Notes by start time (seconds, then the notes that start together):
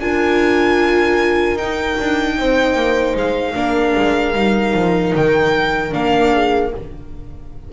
0.00 D4 F4 A#4 G#5
1.55 D#4 G5
2.00 D4
2.38 C4 C5
2.75 A#3
3.15 G#3 F5
3.55 A#3 D4 A#4
3.97 G#3
4.35 G3 D#4
4.74 F3
5.15 D#3 G5
5.91 A#3 D4 F5
6.33 G#4